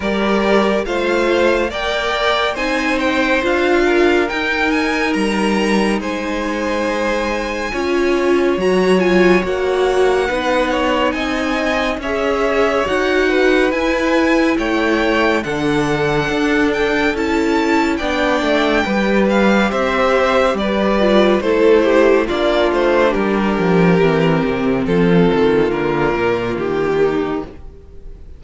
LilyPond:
<<
  \new Staff \with { instrumentName = "violin" } { \time 4/4 \tempo 4 = 70 d''4 f''4 g''4 gis''8 g''8 | f''4 g''8 gis''8 ais''4 gis''4~ | gis''2 ais''8 gis''8 fis''4~ | fis''4 gis''4 e''4 fis''4 |
gis''4 g''4 fis''4. g''8 | a''4 g''4. f''8 e''4 | d''4 c''4 d''8 c''8 ais'4~ | ais'4 a'4 ais'4 g'4 | }
  \new Staff \with { instrumentName = "violin" } { \time 4/4 ais'4 c''4 d''4 c''4~ | c''8 ais'2~ ais'8 c''4~ | c''4 cis''2. | b'8 cis''8 dis''4 cis''4. b'8~ |
b'4 cis''4 a'2~ | a'4 d''4 b'4 c''4 | b'4 a'8 g'8 f'4 g'4~ | g'4 f'2~ f'8 dis'8 | }
  \new Staff \with { instrumentName = "viola" } { \time 4/4 g'4 f'4 ais'4 dis'4 | f'4 dis'2.~ | dis'4 f'4 fis'8 f'8 fis'4 | dis'2 gis'4 fis'4 |
e'2 d'2 | e'4 d'4 g'2~ | g'8 f'8 e'4 d'2 | c'2 ais2 | }
  \new Staff \with { instrumentName = "cello" } { \time 4/4 g4 a4 ais4 c'4 | d'4 dis'4 g4 gis4~ | gis4 cis'4 fis4 ais4 | b4 c'4 cis'4 dis'4 |
e'4 a4 d4 d'4 | cis'4 b8 a8 g4 c'4 | g4 a4 ais8 a8 g8 f8 | e8 c8 f8 dis8 d8 ais,8 dis4 | }
>>